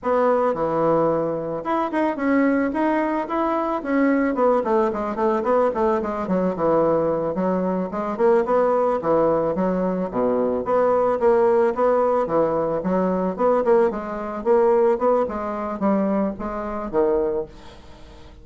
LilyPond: \new Staff \with { instrumentName = "bassoon" } { \time 4/4 \tempo 4 = 110 b4 e2 e'8 dis'8 | cis'4 dis'4 e'4 cis'4 | b8 a8 gis8 a8 b8 a8 gis8 fis8 | e4. fis4 gis8 ais8 b8~ |
b8 e4 fis4 b,4 b8~ | b8 ais4 b4 e4 fis8~ | fis8 b8 ais8 gis4 ais4 b8 | gis4 g4 gis4 dis4 | }